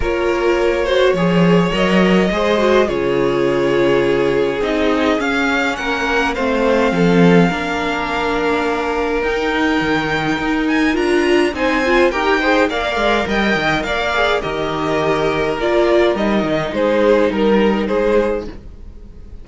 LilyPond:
<<
  \new Staff \with { instrumentName = "violin" } { \time 4/4 \tempo 4 = 104 cis''2. dis''4~ | dis''4 cis''2. | dis''4 f''4 fis''4 f''4~ | f''1 |
g''2~ g''8 gis''8 ais''4 | gis''4 g''4 f''4 g''4 | f''4 dis''2 d''4 | dis''4 c''4 ais'4 c''4 | }
  \new Staff \with { instrumentName = "violin" } { \time 4/4 ais'4. c''8 cis''2 | c''4 gis'2.~ | gis'2 ais'4 c''4 | a'4 ais'2.~ |
ais'1 | c''4 ais'8 c''8 d''4 dis''4 | d''4 ais'2.~ | ais'4 gis'4 ais'4 gis'4 | }
  \new Staff \with { instrumentName = "viola" } { \time 4/4 f'4. fis'8 gis'4 ais'4 | gis'8 fis'8 f'2. | dis'4 cis'2 c'4~ | c'4 d'2. |
dis'2. f'4 | dis'8 f'8 g'8 gis'8 ais'2~ | ais'8 gis'8 g'2 f'4 | dis'1 | }
  \new Staff \with { instrumentName = "cello" } { \time 4/4 ais2 f4 fis4 | gis4 cis2. | c'4 cis'4 ais4 a4 | f4 ais2. |
dis'4 dis4 dis'4 d'4 | c'4 dis'4 ais8 gis8 g8 dis8 | ais4 dis2 ais4 | g8 dis8 gis4 g4 gis4 | }
>>